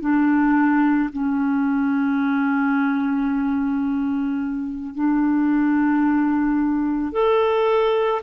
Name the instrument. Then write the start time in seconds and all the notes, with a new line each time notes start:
clarinet
0.00 D4
1.13 C#4
4.94 D4
7.12 A4